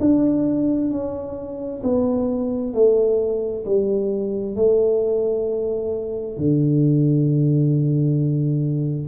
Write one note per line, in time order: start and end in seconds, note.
0.00 0.91 D4
0.91 1.82 C#4
1.83 2.74 B3
2.74 3.65 A3
3.65 4.56 G3
4.56 6.38 A3
6.38 9.08 D3